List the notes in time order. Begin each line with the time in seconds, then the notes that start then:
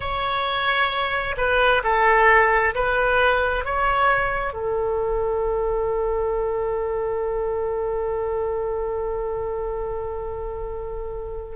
0.00 C#5
1.37 B4
1.83 A4
2.74 B4
3.64 C#5
4.52 A4